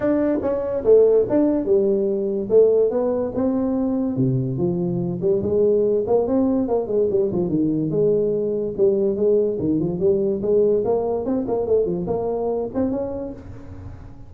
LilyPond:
\new Staff \with { instrumentName = "tuba" } { \time 4/4 \tempo 4 = 144 d'4 cis'4 a4 d'4 | g2 a4 b4 | c'2 c4 f4~ | f8 g8 gis4. ais8 c'4 |
ais8 gis8 g8 f8 dis4 gis4~ | gis4 g4 gis4 dis8 f8 | g4 gis4 ais4 c'8 ais8 | a8 f8 ais4. c'8 cis'4 | }